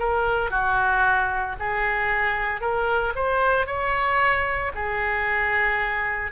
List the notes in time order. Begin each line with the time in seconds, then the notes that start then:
0.00 A#4
0.51 F#4
1.60 G#4
2.61 A#4
3.16 C5
3.67 C#5
4.75 G#4